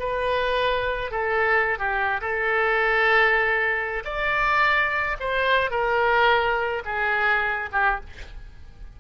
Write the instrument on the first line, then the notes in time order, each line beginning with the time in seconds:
oboe
0.00 B4
1.11 A4
1.79 G4
2.21 A4
4.05 D5
5.20 C5
5.71 A#4
6.86 G#4
7.73 G4